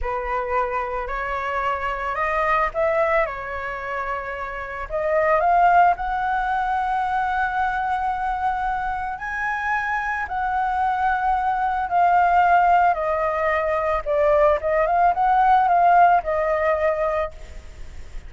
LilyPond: \new Staff \with { instrumentName = "flute" } { \time 4/4 \tempo 4 = 111 b'2 cis''2 | dis''4 e''4 cis''2~ | cis''4 dis''4 f''4 fis''4~ | fis''1~ |
fis''4 gis''2 fis''4~ | fis''2 f''2 | dis''2 d''4 dis''8 f''8 | fis''4 f''4 dis''2 | }